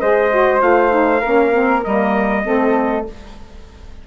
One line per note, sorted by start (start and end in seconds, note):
0.00 0.61 G#3
0.00 0.30 G#4
0.00 1.20 C5
0.00 0.61 D#5
0.30 0.60 F#4
0.60 1.23 A3
0.60 0.90 F4
0.60 1.84 F5
0.90 1.21 D#4
1.20 1.86 A#3
1.20 1.53 C#4
1.20 2.43 A#4
1.53 1.83 C4
1.84 2.46 G3
1.84 2.44 A#3
1.84 3.06 D#5
2.44 3.07 A3
2.44 3.05 C4
2.44 3.07 A4